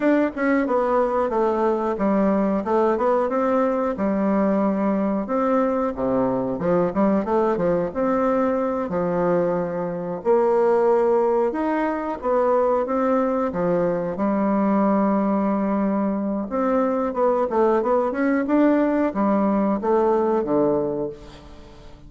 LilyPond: \new Staff \with { instrumentName = "bassoon" } { \time 4/4 \tempo 4 = 91 d'8 cis'8 b4 a4 g4 | a8 b8 c'4 g2 | c'4 c4 f8 g8 a8 f8 | c'4. f2 ais8~ |
ais4. dis'4 b4 c'8~ | c'8 f4 g2~ g8~ | g4 c'4 b8 a8 b8 cis'8 | d'4 g4 a4 d4 | }